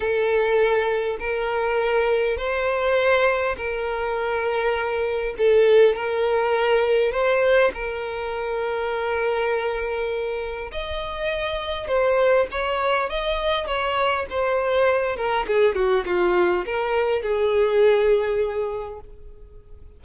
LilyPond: \new Staff \with { instrumentName = "violin" } { \time 4/4 \tempo 4 = 101 a'2 ais'2 | c''2 ais'2~ | ais'4 a'4 ais'2 | c''4 ais'2.~ |
ais'2 dis''2 | c''4 cis''4 dis''4 cis''4 | c''4. ais'8 gis'8 fis'8 f'4 | ais'4 gis'2. | }